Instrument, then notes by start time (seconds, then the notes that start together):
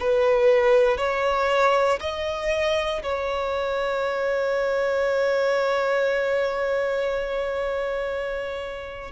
violin
0.00 B4
0.98 C#5
2.01 D#5
3.03 C#5